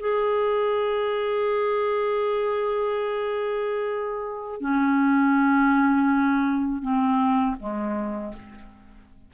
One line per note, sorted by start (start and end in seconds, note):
0.00 4.61 G#4
4.61 6.82 C#4
6.82 7.56 C4
7.60 8.34 G#3